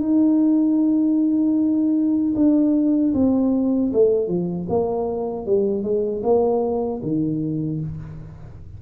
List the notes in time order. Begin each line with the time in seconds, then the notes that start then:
0.00 D#4
2.36 D4
3.14 C4
3.94 A3
4.28 F3
4.69 A#3
5.46 G3
5.83 G#3
6.23 A#3
7.03 D#3